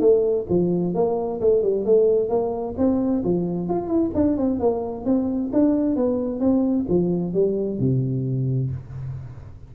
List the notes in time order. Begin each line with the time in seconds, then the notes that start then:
0.00 A3
0.49 F3
0.95 A#3
1.41 A3
1.63 G3
1.85 A3
2.29 A#3
2.78 C4
3.24 F3
3.69 F4
3.88 E4
4.15 D4
4.37 C4
4.59 A#3
5.05 C4
5.53 D4
5.96 B3
6.40 C4
6.89 F3
7.34 G3
7.79 C3